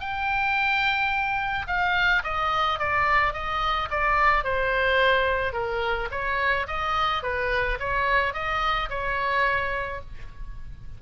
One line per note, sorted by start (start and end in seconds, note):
0.00 1.67 G5
1.67 2.23 F5
2.24 2.79 D#5
2.79 3.33 D5
3.33 3.89 D#5
3.90 4.44 D5
4.44 5.53 C5
5.53 6.09 A#4
6.11 6.67 C#5
6.67 7.23 D#5
7.23 7.79 B4
7.80 8.34 C#5
8.34 8.89 D#5
8.90 10.01 C#5